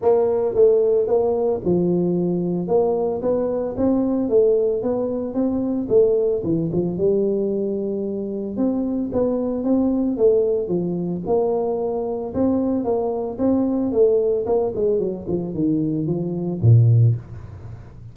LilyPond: \new Staff \with { instrumentName = "tuba" } { \time 4/4 \tempo 4 = 112 ais4 a4 ais4 f4~ | f4 ais4 b4 c'4 | a4 b4 c'4 a4 | e8 f8 g2. |
c'4 b4 c'4 a4 | f4 ais2 c'4 | ais4 c'4 a4 ais8 gis8 | fis8 f8 dis4 f4 ais,4 | }